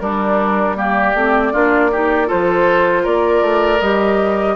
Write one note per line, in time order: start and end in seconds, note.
0.00 1.14 G3
0.00 0.76 G3
0.00 0.77 D4
0.00 0.76 A#4
0.76 1.14 A#3
0.76 1.53 G4
0.76 2.30 D5
1.14 1.52 A3
1.14 1.53 C4
1.53 2.30 A#3
1.53 1.91 D4
1.53 1.91 F4
1.92 2.26 D#4
1.92 2.27 G4
2.26 3.78 F4
2.26 3.03 A4
2.26 3.05 C5
2.32 3.06 F3
3.03 3.42 A#3
3.03 4.55 A#4
3.03 3.81 D5
3.42 3.80 A3
3.81 4.56 G3
3.81 4.56 G4
3.81 4.56 D#5